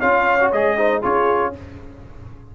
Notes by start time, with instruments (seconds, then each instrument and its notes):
0.00 tuba C#4, trombone F4, horn C#5, trumpet F5
0.40 trombone F#4
0.52 tuba G#3, trombone G#4, trumpet D#5
0.78 trombone D#4, horn C5
1.02 tuba C#4, trombone F4, horn G#4, trumpet C#5